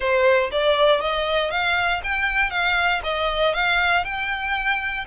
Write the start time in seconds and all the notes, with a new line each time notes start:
0.00 C5
0.51 D5
1.00 D#5
1.51 F5
2.03 G5
2.50 F5
3.03 D#5
3.54 F5
4.04 G5